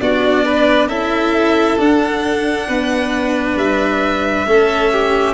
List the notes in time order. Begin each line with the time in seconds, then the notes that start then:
0.00 B3 D4 F#4 D5
0.45 B4
0.87 C#4 E4 A4 E5
1.78 D4 F#5
2.68 B3 B4
3.55 G3 E5
4.46 A3 C#4 A4
4.92 G4